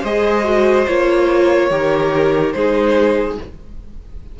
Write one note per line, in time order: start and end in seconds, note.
0.00 0.87 G#3
0.00 0.44 G#4
0.00 1.67 C5
0.00 0.87 D#5
0.44 0.86 F#4
0.87 1.70 A#3
0.87 1.70 F4
0.87 2.52 C#5
1.70 2.53 D#3
1.70 2.54 G4
1.70 2.54 A#4
2.52 3.37 G#3
2.52 3.39 D#4
2.52 3.39 G#4
2.52 3.35 C5